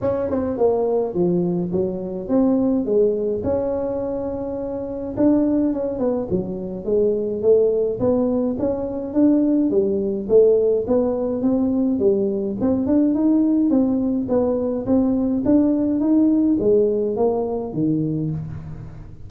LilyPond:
\new Staff \with { instrumentName = "tuba" } { \time 4/4 \tempo 4 = 105 cis'8 c'8 ais4 f4 fis4 | c'4 gis4 cis'2~ | cis'4 d'4 cis'8 b8 fis4 | gis4 a4 b4 cis'4 |
d'4 g4 a4 b4 | c'4 g4 c'8 d'8 dis'4 | c'4 b4 c'4 d'4 | dis'4 gis4 ais4 dis4 | }